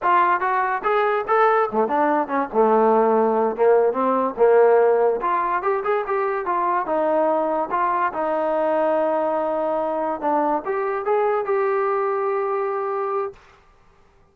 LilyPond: \new Staff \with { instrumentName = "trombone" } { \time 4/4 \tempo 4 = 144 f'4 fis'4 gis'4 a'4 | a8 d'4 cis'8 a2~ | a8 ais4 c'4 ais4.~ | ais8 f'4 g'8 gis'8 g'4 f'8~ |
f'8 dis'2 f'4 dis'8~ | dis'1~ | dis'8 d'4 g'4 gis'4 g'8~ | g'1 | }